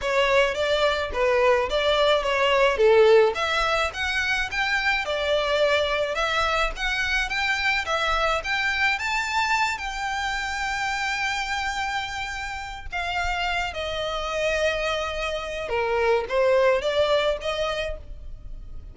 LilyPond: \new Staff \with { instrumentName = "violin" } { \time 4/4 \tempo 4 = 107 cis''4 d''4 b'4 d''4 | cis''4 a'4 e''4 fis''4 | g''4 d''2 e''4 | fis''4 g''4 e''4 g''4 |
a''4. g''2~ g''8~ | g''2. f''4~ | f''8 dis''2.~ dis''8 | ais'4 c''4 d''4 dis''4 | }